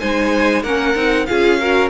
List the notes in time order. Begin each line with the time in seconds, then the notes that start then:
0.00 G#3 D#4 C5 G#5
0.63 A#3 C#4 A#4 F#5
0.96 C4 D#4
1.27 C#4 F4 G#4 F5
1.60 F#4 A#4